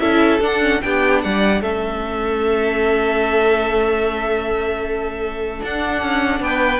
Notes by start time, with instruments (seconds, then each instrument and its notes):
0.00 cello C#4, viola E4, violin A4 E5
0.41 cello D4, viola D4, violin F#5
0.61 viola C#4
0.82 cello B3, viola D4, violin G4 G5
1.22 cello G3, violin D5 F#5
1.61 cello A3, viola C#4, violin A4 E5
5.60 viola D4, cello D4, violin F#5
6.03 cello C#4
6.40 cello B3, violin B4 G5